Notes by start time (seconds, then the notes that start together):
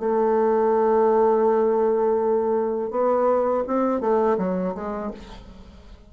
0.00 A3
2.91 B3
3.67 C4
4.01 A3
4.38 F#3
4.75 G#3